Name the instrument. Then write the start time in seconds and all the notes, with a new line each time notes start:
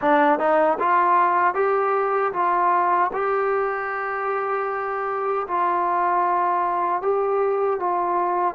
trombone
0.01 D4
0.39 D#4
0.79 F4
1.54 G4
2.32 F4
3.13 G4
5.47 F4
7.02 G4
7.79 F4